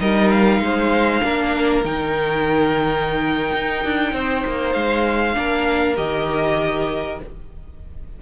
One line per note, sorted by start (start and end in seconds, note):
0.00 0.60 G3
0.00 1.22 D#4
0.00 0.62 A#4
0.00 0.31 D#5
0.31 1.84 F5
0.60 1.21 G#3
0.60 1.24 C5
1.22 1.84 A#3
1.22 1.84 D4
1.22 4.14 A#4
1.84 3.52 D#3
1.84 5.34 D#4
1.84 4.73 G5
3.53 3.84 D#4
3.84 4.13 D4
4.13 4.44 C4
4.13 5.36 C5
4.46 4.75 A#3
4.73 5.36 G#3
4.73 5.95 F5
5.34 5.97 A#3
5.34 5.96 D4
5.34 7.22 A#4
5.97 7.20 D#3
5.97 7.19 G4
5.97 7.20 D#5